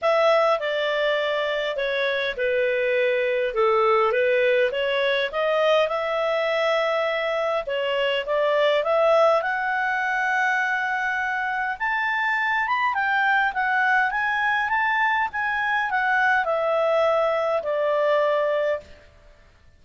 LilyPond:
\new Staff \with { instrumentName = "clarinet" } { \time 4/4 \tempo 4 = 102 e''4 d''2 cis''4 | b'2 a'4 b'4 | cis''4 dis''4 e''2~ | e''4 cis''4 d''4 e''4 |
fis''1 | a''4. b''8 g''4 fis''4 | gis''4 a''4 gis''4 fis''4 | e''2 d''2 | }